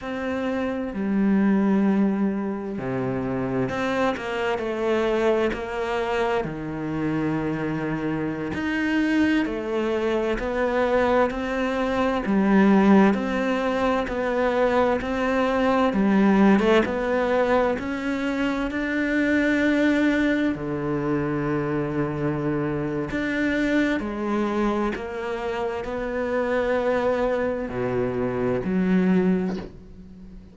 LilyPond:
\new Staff \with { instrumentName = "cello" } { \time 4/4 \tempo 4 = 65 c'4 g2 c4 | c'8 ais8 a4 ais4 dis4~ | dis4~ dis16 dis'4 a4 b8.~ | b16 c'4 g4 c'4 b8.~ |
b16 c'4 g8. a16 b4 cis'8.~ | cis'16 d'2 d4.~ d16~ | d4 d'4 gis4 ais4 | b2 b,4 fis4 | }